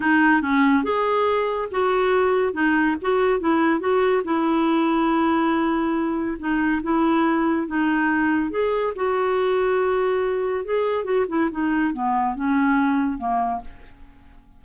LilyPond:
\new Staff \with { instrumentName = "clarinet" } { \time 4/4 \tempo 4 = 141 dis'4 cis'4 gis'2 | fis'2 dis'4 fis'4 | e'4 fis'4 e'2~ | e'2. dis'4 |
e'2 dis'2 | gis'4 fis'2.~ | fis'4 gis'4 fis'8 e'8 dis'4 | b4 cis'2 ais4 | }